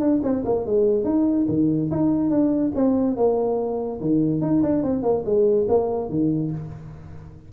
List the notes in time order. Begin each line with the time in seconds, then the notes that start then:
0.00 D4
0.23 C4
0.45 A#3
0.66 G#3
1.04 D#4
1.48 D#3
1.91 D#4
2.30 D4
2.75 C4
3.17 A#3
4.01 D#3
4.42 D#4
4.63 D4
4.83 C4
5.03 A#3
5.25 G#3
5.69 A#3
6.09 D#3